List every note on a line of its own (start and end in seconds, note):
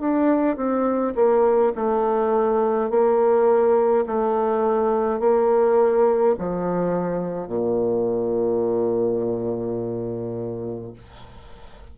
0.00 0.56 D4
0.56 1.14 C4
1.15 1.73 A#3
1.75 2.90 A3
2.90 4.05 A#3
4.06 5.20 A3
5.20 6.35 A#3
6.38 7.47 F3
7.47 10.94 A#2